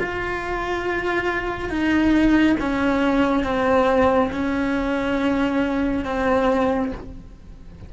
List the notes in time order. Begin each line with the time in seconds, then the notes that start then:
0.00 F4
1.70 D#4
2.60 C#4
3.44 C4
4.32 C#4
6.05 C4